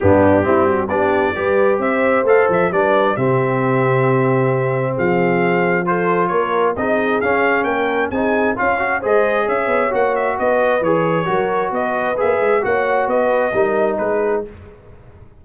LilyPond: <<
  \new Staff \with { instrumentName = "trumpet" } { \time 4/4 \tempo 4 = 133 g'2 d''2 | e''4 f''8 e''8 d''4 e''4~ | e''2. f''4~ | f''4 c''4 cis''4 dis''4 |
f''4 g''4 gis''4 f''4 | dis''4 e''4 fis''8 e''8 dis''4 | cis''2 dis''4 e''4 | fis''4 dis''2 b'4 | }
  \new Staff \with { instrumentName = "horn" } { \time 4/4 d'4 e'8 fis'8 g'4 b'4 | c''2 b'4 g'4~ | g'2. gis'4~ | gis'4 a'4 ais'4 gis'4~ |
gis'4 ais'4 gis'4 cis''4 | c''4 cis''2 b'4~ | b'4 ais'4 b'2 | cis''4 b'4 ais'4 gis'4 | }
  \new Staff \with { instrumentName = "trombone" } { \time 4/4 b4 c'4 d'4 g'4~ | g'4 a'4 d'4 c'4~ | c'1~ | c'4 f'2 dis'4 |
cis'2 dis'4 f'8 fis'8 | gis'2 fis'2 | gis'4 fis'2 gis'4 | fis'2 dis'2 | }
  \new Staff \with { instrumentName = "tuba" } { \time 4/4 g,4 g4 b4 g4 | c'4 a8 f8 g4 c4~ | c2. f4~ | f2 ais4 c'4 |
cis'4 ais4 c'4 cis'4 | gis4 cis'8 b8 ais4 b4 | e4 fis4 b4 ais8 gis8 | ais4 b4 g4 gis4 | }
>>